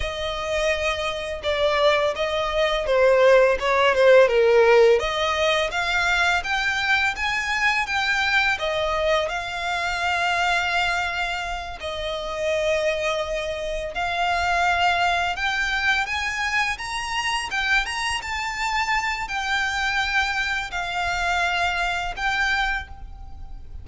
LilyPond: \new Staff \with { instrumentName = "violin" } { \time 4/4 \tempo 4 = 84 dis''2 d''4 dis''4 | c''4 cis''8 c''8 ais'4 dis''4 | f''4 g''4 gis''4 g''4 | dis''4 f''2.~ |
f''8 dis''2. f''8~ | f''4. g''4 gis''4 ais''8~ | ais''8 g''8 ais''8 a''4. g''4~ | g''4 f''2 g''4 | }